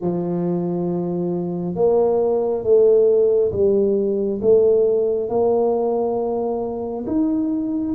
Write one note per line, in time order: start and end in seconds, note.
0.01 1.75 F3
1.75 2.63 A#3
2.63 3.51 A3
3.52 4.40 G3
4.41 5.29 A3
5.29 7.05 A#3
7.06 7.94 D#4